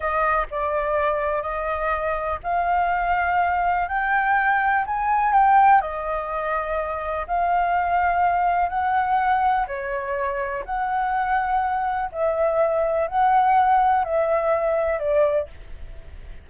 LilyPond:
\new Staff \with { instrumentName = "flute" } { \time 4/4 \tempo 4 = 124 dis''4 d''2 dis''4~ | dis''4 f''2. | g''2 gis''4 g''4 | dis''2. f''4~ |
f''2 fis''2 | cis''2 fis''2~ | fis''4 e''2 fis''4~ | fis''4 e''2 d''4 | }